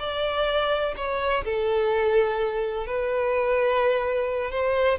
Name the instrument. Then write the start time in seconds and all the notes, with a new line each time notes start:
violin
0.00 D5
0.97 C#5
1.45 A4
2.87 B4
4.52 C5